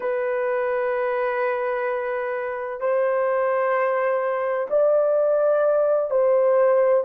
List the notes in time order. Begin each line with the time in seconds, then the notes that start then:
0.00 B4
2.80 C5
4.70 D5
6.10 C5